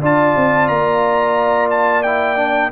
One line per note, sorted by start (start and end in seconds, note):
0.00 0.34 D4
0.00 2.04 F4
0.00 2.70 D5
0.00 0.67 A5
0.35 0.68 C4
0.67 2.71 A#3
0.67 1.69 A#5
1.70 2.02 A5
2.02 2.36 E4
2.02 2.70 G5
2.36 2.70 D4